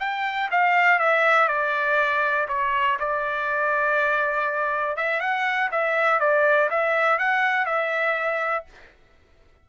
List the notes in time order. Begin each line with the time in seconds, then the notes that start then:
0.00 G5
0.51 F5
0.99 E5
1.48 D5
2.49 C#5
3.00 D5
4.97 E5
5.20 F#5
5.72 E5
6.20 D5
6.71 E5
7.19 F#5
7.66 E5